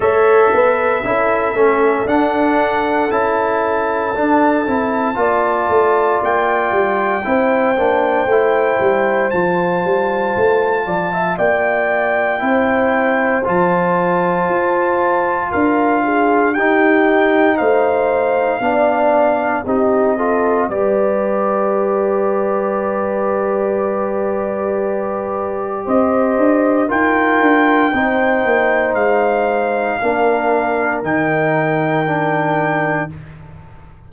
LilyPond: <<
  \new Staff \with { instrumentName = "trumpet" } { \time 4/4 \tempo 4 = 58 e''2 fis''4 a''4~ | a''2 g''2~ | g''4 a''2 g''4~ | g''4 a''2 f''4 |
g''4 f''2 dis''4 | d''1~ | d''4 dis''4 g''2 | f''2 g''2 | }
  \new Staff \with { instrumentName = "horn" } { \time 4/4 cis''8 b'8 a'2.~ | a'4 d''2 c''4~ | c''2~ c''8 d''16 e''16 d''4 | c''2. ais'8 gis'8 |
g'4 c''4 d''4 g'8 a'8 | b'1~ | b'4 c''4 ais'4 c''4~ | c''4 ais'2. | }
  \new Staff \with { instrumentName = "trombone" } { \time 4/4 a'4 e'8 cis'8 d'4 e'4 | d'8 e'8 f'2 e'8 d'8 | e'4 f'2. | e'4 f'2. |
dis'2 d'4 dis'8 f'8 | g'1~ | g'2 f'4 dis'4~ | dis'4 d'4 dis'4 d'4 | }
  \new Staff \with { instrumentName = "tuba" } { \time 4/4 a8 b8 cis'8 a8 d'4 cis'4 | d'8 c'8 ais8 a8 ais8 g8 c'8 ais8 | a8 g8 f8 g8 a8 f8 ais4 | c'4 f4 f'4 d'4 |
dis'4 a4 b4 c'4 | g1~ | g4 c'8 d'8 dis'8 d'8 c'8 ais8 | gis4 ais4 dis2 | }
>>